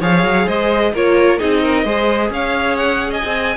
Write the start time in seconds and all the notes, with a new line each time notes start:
0.00 F3 G#4 C#5 F5
0.23 F#3
0.45 G#3 C5 D#5
0.93 A#3 F4 A#4 C#5
1.38 C4 D#4 G#4 D#5
1.62 A#4
1.84 G#3 G#4 C5
2.30 C#4 C#5 F5
2.76 F#5
3.10 D#5 G#5
3.24 C4